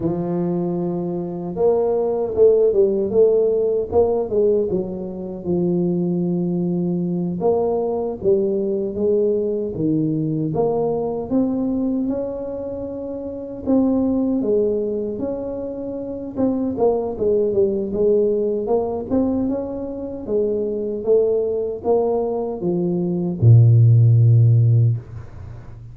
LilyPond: \new Staff \with { instrumentName = "tuba" } { \time 4/4 \tempo 4 = 77 f2 ais4 a8 g8 | a4 ais8 gis8 fis4 f4~ | f4. ais4 g4 gis8~ | gis8 dis4 ais4 c'4 cis'8~ |
cis'4. c'4 gis4 cis'8~ | cis'4 c'8 ais8 gis8 g8 gis4 | ais8 c'8 cis'4 gis4 a4 | ais4 f4 ais,2 | }